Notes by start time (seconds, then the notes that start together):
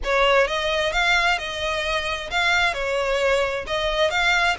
0.03 C#5
0.47 D#5
0.92 F5
1.38 D#5
2.30 F5
2.73 C#5
3.66 D#5
4.10 F5